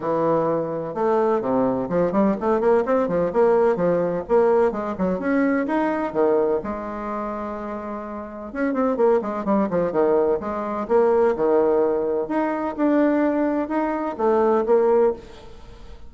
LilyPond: \new Staff \with { instrumentName = "bassoon" } { \time 4/4 \tempo 4 = 127 e2 a4 c4 | f8 g8 a8 ais8 c'8 f8 ais4 | f4 ais4 gis8 fis8 cis'4 | dis'4 dis4 gis2~ |
gis2 cis'8 c'8 ais8 gis8 | g8 f8 dis4 gis4 ais4 | dis2 dis'4 d'4~ | d'4 dis'4 a4 ais4 | }